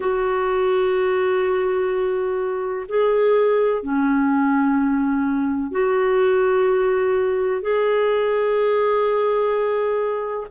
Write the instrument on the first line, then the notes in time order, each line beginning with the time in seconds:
clarinet
0.00 F#4
2.88 G#4
3.82 C#4
5.71 F#4
7.61 G#4